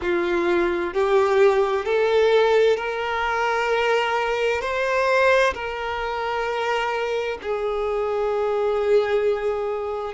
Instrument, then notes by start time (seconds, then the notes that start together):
violin
0.01 F4
0.93 G4
1.85 A4
2.77 A#4
4.61 C5
5.53 A#4
7.42 G#4